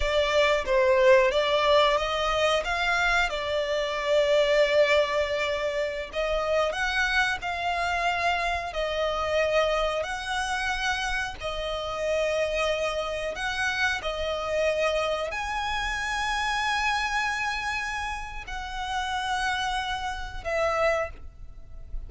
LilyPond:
\new Staff \with { instrumentName = "violin" } { \time 4/4 \tempo 4 = 91 d''4 c''4 d''4 dis''4 | f''4 d''2.~ | d''4~ d''16 dis''4 fis''4 f''8.~ | f''4~ f''16 dis''2 fis''8.~ |
fis''4~ fis''16 dis''2~ dis''8.~ | dis''16 fis''4 dis''2 gis''8.~ | gis''1 | fis''2. e''4 | }